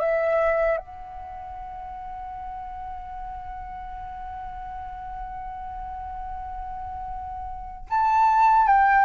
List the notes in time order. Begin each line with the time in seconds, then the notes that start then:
0.00 E5
0.78 F#5
7.90 A5
8.67 G5